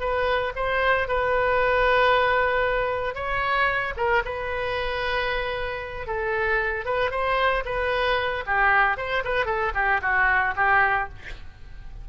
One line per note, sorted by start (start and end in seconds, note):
0.00 0.53 B4
0.56 1.08 C5
1.08 3.15 B4
3.15 3.94 C#5
3.97 4.23 A#4
4.25 6.07 B4
6.07 6.85 A4
6.85 7.11 B4
7.11 7.63 C5
7.65 8.44 B4
8.47 8.97 G4
8.97 9.23 C5
9.25 9.46 B4
9.46 9.72 A4
9.74 10.01 G4
10.02 10.55 F#4
10.56 11.09 G4